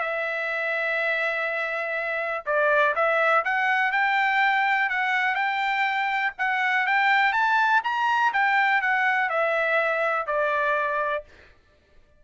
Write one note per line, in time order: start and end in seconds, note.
0.00 2.44 E5
2.45 2.94 D5
2.95 3.43 E5
3.44 3.91 F#5
3.91 4.89 G5
4.89 5.35 F#5
5.35 6.32 G5
6.38 6.86 F#5
6.86 7.32 G5
7.32 7.81 A5
7.83 8.32 A#5
8.33 8.81 G5
8.81 9.29 F#5
9.29 10.26 E5
10.26 11.23 D5